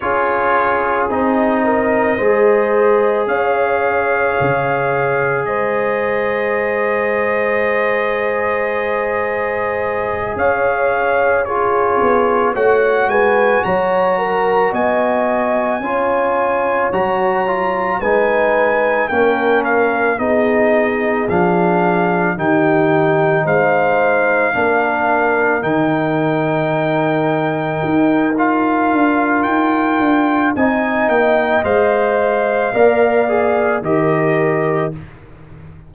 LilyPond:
<<
  \new Staff \with { instrumentName = "trumpet" } { \time 4/4 \tempo 4 = 55 cis''4 dis''2 f''4~ | f''4 dis''2.~ | dis''4. f''4 cis''4 fis''8 | gis''8 ais''4 gis''2 ais''8~ |
ais''8 gis''4 g''8 f''8 dis''4 f''8~ | f''8 g''4 f''2 g''8~ | g''2 f''4 g''4 | gis''8 g''8 f''2 dis''4 | }
  \new Staff \with { instrumentName = "horn" } { \time 4/4 gis'4. ais'8 c''4 cis''4~ | cis''4 c''2.~ | c''4. cis''4 gis'4 cis''8 | b'8 cis''8 ais'8 dis''4 cis''4.~ |
cis''8 b'4 ais'4 gis'4.~ | gis'8 g'4 c''4 ais'4.~ | ais'1 | dis''2 d''4 ais'4 | }
  \new Staff \with { instrumentName = "trombone" } { \time 4/4 f'4 dis'4 gis'2~ | gis'1~ | gis'2~ gis'8 f'4 fis'8~ | fis'2~ fis'8 f'4 fis'8 |
f'8 dis'4 cis'4 dis'4 d'8~ | d'8 dis'2 d'4 dis'8~ | dis'2 f'2 | dis'4 c''4 ais'8 gis'8 g'4 | }
  \new Staff \with { instrumentName = "tuba" } { \time 4/4 cis'4 c'4 gis4 cis'4 | cis4 gis2.~ | gis4. cis'4. b8 a8 | gis8 fis4 b4 cis'4 fis8~ |
fis8 gis4 ais4 b4 f8~ | f8 dis4 gis4 ais4 dis8~ | dis4. dis'4 d'8 dis'8 d'8 | c'8 ais8 gis4 ais4 dis4 | }
>>